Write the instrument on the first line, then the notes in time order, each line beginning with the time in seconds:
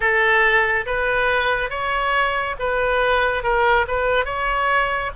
oboe
0.00 A4
0.86 B4
1.69 C#5
2.59 B4
3.43 A#4
3.87 B4
4.25 C#5